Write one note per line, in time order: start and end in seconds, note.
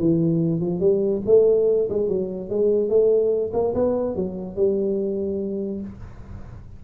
0.00 0.61 E3
0.61 0.80 F3
0.80 1.22 G3
1.27 1.89 A3
1.90 2.09 G#3
2.09 2.50 F#3
2.50 2.90 G#3
2.90 3.52 A3
3.54 3.74 A#3
3.75 4.16 B3
4.16 4.57 F#3
4.57 5.82 G3